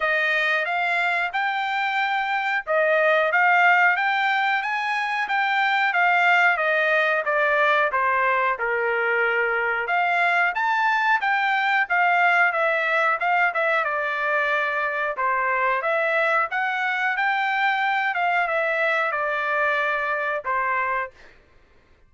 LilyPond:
\new Staff \with { instrumentName = "trumpet" } { \time 4/4 \tempo 4 = 91 dis''4 f''4 g''2 | dis''4 f''4 g''4 gis''4 | g''4 f''4 dis''4 d''4 | c''4 ais'2 f''4 |
a''4 g''4 f''4 e''4 | f''8 e''8 d''2 c''4 | e''4 fis''4 g''4. f''8 | e''4 d''2 c''4 | }